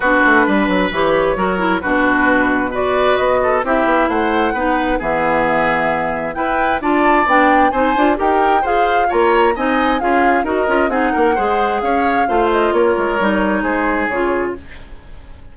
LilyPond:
<<
  \new Staff \with { instrumentName = "flute" } { \time 4/4 \tempo 4 = 132 b'2 cis''2 | b'2 d''4 dis''4 | e''4 fis''2 e''4~ | e''2 g''4 a''4 |
g''4 gis''4 g''4 f''4 | ais''4 gis''4 f''4 dis''4 | fis''2 f''4. dis''8 | cis''2 c''4 cis''4 | }
  \new Staff \with { instrumentName = "oboe" } { \time 4/4 fis'4 b'2 ais'4 | fis'2 b'4. a'8 | g'4 c''4 b'4 gis'4~ | gis'2 b'4 d''4~ |
d''4 c''4 ais'4 c''4 | cis''4 dis''4 gis'4 ais'4 | gis'8 ais'8 c''4 cis''4 c''4 | ais'2 gis'2 | }
  \new Staff \with { instrumentName = "clarinet" } { \time 4/4 d'2 g'4 fis'8 e'8 | d'2 fis'2 | e'2 dis'4 b4~ | b2 e'4 f'4 |
d'4 dis'8 f'8 g'4 gis'4 | f'4 dis'4 f'4 fis'8 f'8 | dis'4 gis'2 f'4~ | f'4 dis'2 f'4 | }
  \new Staff \with { instrumentName = "bassoon" } { \time 4/4 b8 a8 g8 fis8 e4 fis4 | b,2. b4 | c'8 b8 a4 b4 e4~ | e2 e'4 d'4 |
b4 c'8 d'8 dis'4 f'4 | ais4 c'4 cis'4 dis'8 cis'8 | c'8 ais8 gis4 cis'4 a4 | ais8 gis8 g4 gis4 cis4 | }
>>